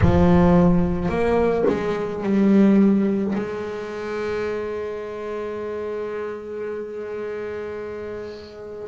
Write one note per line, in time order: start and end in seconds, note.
0.01 1.08 F3
1.08 1.64 A#3
1.68 2.23 G#3
2.23 3.34 G3
3.35 8.87 G#3